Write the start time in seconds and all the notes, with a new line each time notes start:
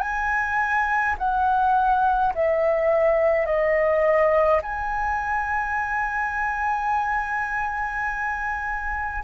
0.00 G#5
1.18 F#5
2.35 E5
3.46 D#5
4.63 G#5